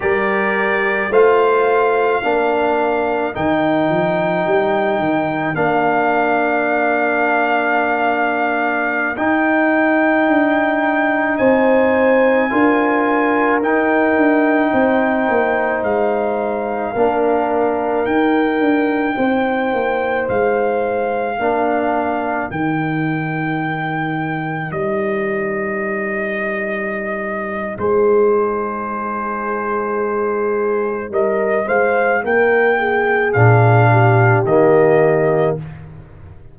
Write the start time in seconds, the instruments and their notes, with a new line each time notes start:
0.00 tuba G3, trombone G4, horn A#4, trumpet D5
1.09 tuba A3, trombone F4, horn C5, trumpet F5
2.21 tuba A#3, trombone D4, horn A#4
3.33 tuba D#3, trombone D#4, trumpet G5
3.89 tuba F3
4.46 tuba G3
4.98 tuba D#3
5.54 tuba A#3, trombone D4, trumpet F5
9.16 tuba D#4, trombone D#4, trumpet G5
10.27 tuba D4
11.37 tuba C4, horn C5, trumpet G#5
12.50 tuba D4, trombone F4, horn A#4
13.61 trombone D#4, tuba D#4, trumpet G5
14.16 tuba D4
14.72 tuba C4, horn C5
15.28 tuba A#3
15.82 tuba G#3, trumpet F5
16.93 tuba A#3, trombone D4, horn A#4
18.05 tuba D#4, trombone D#4, trumpet G5
18.59 tuba D4
19.15 tuba C4, horn C5
19.73 tuba A#3
20.28 tuba G#3, trumpet F5
21.38 tuba A#3, trombone D4, horn A#4
22.50 tuba D#3, trombone D#4, trumpet G5
24.71 tuba G3, trumpet D#5
27.77 tuba G#3, horn G#4, trumpet C5
31.09 tuba G3, horn A#4, trumpet D#5
31.66 tuba G#3, horn C5, trumpet F5
32.24 tuba A#3, horn A#4, trumpet G5
32.78 horn G#4
33.32 tuba A#2, trombone D4, trumpet F5
33.91 horn G4
34.44 tuba D#3, trombone A#3, trumpet D#5